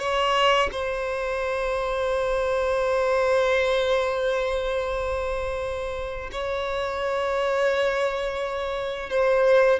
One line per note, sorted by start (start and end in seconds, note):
0.00 0.70 C#5
0.72 6.30 C5
6.32 9.10 C#5
9.10 9.80 C5